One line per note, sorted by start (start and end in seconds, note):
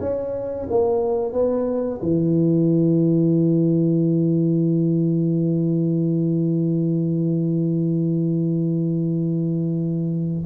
0.00 0.67 C#4
0.70 1.32 A#3
1.32 2.00 B3
2.02 10.45 E3